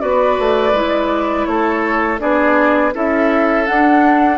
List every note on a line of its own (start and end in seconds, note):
0.00 0.38 B3
0.00 0.73 F#4
0.00 1.48 B4
0.00 1.46 D5
0.39 0.73 A3
0.73 1.46 G#3
0.73 2.20 E4
1.46 2.20 A3
1.46 2.21 A4
1.46 2.19 C#5
2.20 2.95 B3
2.20 2.93 D4
2.20 2.94 G#4
2.20 2.94 D5
2.94 3.68 C#4
2.94 3.66 E4
2.94 4.38 A4
2.94 3.66 E5
3.66 4.38 D4
3.66 4.38 F#5